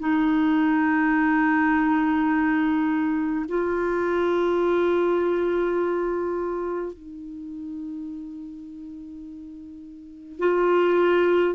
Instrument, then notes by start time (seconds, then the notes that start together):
clarinet
0.00 D#4
3.49 F4
6.94 D#4
10.40 F4